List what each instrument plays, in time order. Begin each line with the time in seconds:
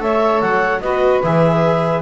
0.00 double bass A3, viola A4, saxophone C#5, clarinet E5
0.41 double bass F#3, clarinet F#5
0.81 double bass B3, viola F#4, saxophone B4, clarinet D#5
1.24 double bass E3, viola G#4, clarinet E5